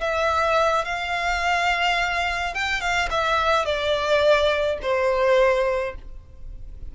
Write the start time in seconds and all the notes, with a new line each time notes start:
0.00 E5
0.85 F5
2.54 G5
2.80 F5
3.10 E5
3.65 D5
4.82 C5